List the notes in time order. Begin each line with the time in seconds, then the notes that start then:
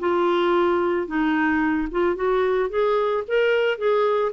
0.00 F4
1.07 D#4
1.92 F4
2.16 F#4
2.70 G#4
3.28 A#4
3.78 G#4